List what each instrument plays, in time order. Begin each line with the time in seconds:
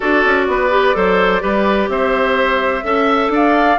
0.00 bassoon D4, clarinet F#4, oboe A4, flute D5
0.25 bassoon C#4
0.47 bassoon B3, oboe B4
0.70 clarinet G4
0.94 bassoon F#3, clarinet A4, oboe C5
1.40 bassoon G3, clarinet G4, oboe B4
1.88 bassoon C4, oboe C5, flute E5
2.83 bassoon C#4, clarinet A4, oboe E5
3.29 bassoon D4, oboe D5, flute F5